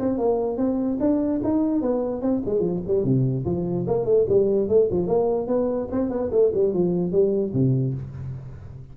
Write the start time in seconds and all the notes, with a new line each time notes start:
0.00 C4
0.18 A#3
0.58 C4
1.00 D4
1.44 D#4
1.82 B3
2.22 C4
2.46 G#3
2.60 F3
2.88 G3
3.04 C3
3.46 F3
3.88 A#3
4.06 A3
4.29 G3
4.69 A3
4.91 F3
5.07 A#3
5.48 B3
5.91 C4
6.10 B3
6.32 A3
6.54 G3
6.74 F3
7.12 G3
7.54 C3